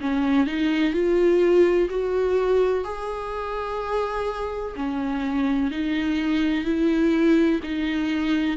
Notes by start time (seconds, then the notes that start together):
0.00 C#4
0.46 D#4
0.93 F4
1.90 F#4
2.84 G#4
4.75 C#4
5.71 D#4
6.65 E4
7.63 D#4